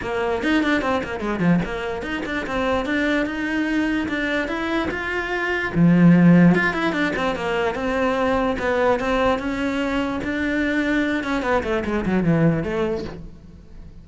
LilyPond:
\new Staff \with { instrumentName = "cello" } { \time 4/4 \tempo 4 = 147 ais4 dis'8 d'8 c'8 ais8 gis8 f8 | ais4 dis'8 d'8 c'4 d'4 | dis'2 d'4 e'4 | f'2 f2 |
f'8 e'8 d'8 c'8 ais4 c'4~ | c'4 b4 c'4 cis'4~ | cis'4 d'2~ d'8 cis'8 | b8 a8 gis8 fis8 e4 a4 | }